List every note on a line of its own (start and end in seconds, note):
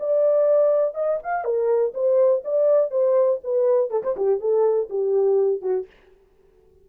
0.00 0.95 D5
0.95 1.19 D#5
1.24 1.45 F5
1.45 1.94 A#4
1.94 2.43 C5
2.45 2.91 D5
2.91 3.40 C5
3.44 3.91 B4
3.91 4.03 A4
4.04 4.16 C5
4.17 4.40 G4
4.40 4.89 A4
4.90 5.62 G4
5.62 5.87 F#4